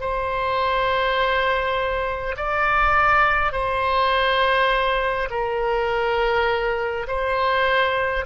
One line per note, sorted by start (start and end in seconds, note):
0.00 2.35 C5
2.36 3.52 D5
3.52 5.28 C5
5.30 7.06 A#4
7.07 8.25 C5